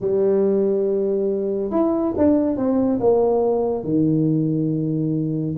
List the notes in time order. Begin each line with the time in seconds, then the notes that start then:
0.00 G3
1.70 E4
2.17 D4
2.56 C4
3.00 A#3
3.84 D#3